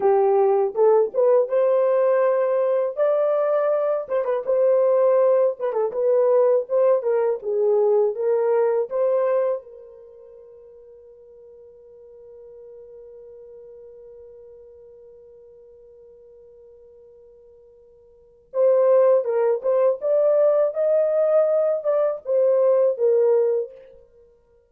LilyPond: \new Staff \with { instrumentName = "horn" } { \time 4/4 \tempo 4 = 81 g'4 a'8 b'8 c''2 | d''4. c''16 b'16 c''4. b'16 a'16 | b'4 c''8 ais'8 gis'4 ais'4 | c''4 ais'2.~ |
ais'1~ | ais'1~ | ais'4 c''4 ais'8 c''8 d''4 | dis''4. d''8 c''4 ais'4 | }